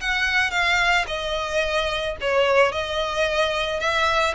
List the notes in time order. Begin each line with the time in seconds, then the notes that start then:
0.00 F#5
0.50 F5
1.07 D#5
2.20 C#5
2.71 D#5
3.79 E5